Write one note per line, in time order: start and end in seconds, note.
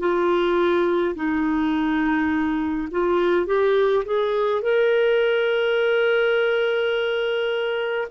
0.00 1.15 F4
1.16 2.89 D#4
2.92 3.47 F4
3.47 4.05 G4
4.05 4.63 G#4
4.63 8.09 A#4